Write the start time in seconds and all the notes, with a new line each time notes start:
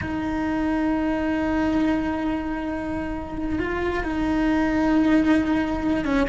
0.01 D#4
3.58 F4
4.03 D#4
6.04 C#4